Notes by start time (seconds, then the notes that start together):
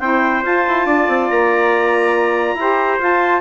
0.00 C4 E4 C5 G5
0.43 F4 A5
0.68 E4
0.86 D4 D5
1.08 C4
1.29 A#3 A#5
2.54 E4 G4
2.61 C5
2.99 F4 A5